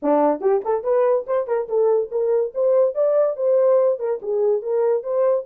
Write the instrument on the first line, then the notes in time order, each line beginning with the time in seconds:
horn
0.02 D4
0.40 G4
0.65 A4
0.83 B4
1.27 C5
1.47 A#4
1.68 A4
2.11 A#4
2.54 C5
2.94 D5
3.36 C5
3.99 A#4
4.22 G#4
4.62 A#4
5.03 C5